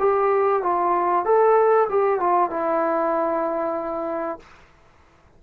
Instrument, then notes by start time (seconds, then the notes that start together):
trombone
0.00 G4
0.63 F4
1.25 A4
1.90 G4
2.20 F4
2.51 E4